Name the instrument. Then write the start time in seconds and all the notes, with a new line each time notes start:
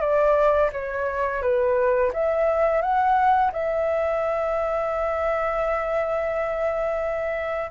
flute
0.00 D5
0.72 C#5
1.41 B4
2.13 E5
2.81 F#5
3.52 E5